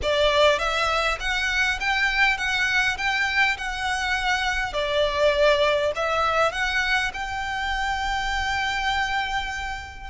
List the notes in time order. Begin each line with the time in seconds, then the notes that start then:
0.02 D5
0.58 E5
1.19 F#5
1.80 G5
2.37 F#5
2.97 G5
3.57 F#5
4.73 D5
5.95 E5
6.52 F#5
7.13 G5